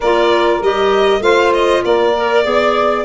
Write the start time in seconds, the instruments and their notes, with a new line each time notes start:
0.00 tuba A#3, clarinet F4, saxophone A#4, violin D5
0.61 tuba G3, clarinet G4, violin D#5
1.20 tuba A3, clarinet F4, saxophone C5, violin F5
1.53 violin D#5
1.84 tuba A#3, saxophone A#4, violin D5
2.17 clarinet A#4
2.43 tuba B3, clarinet G#4, saxophone D5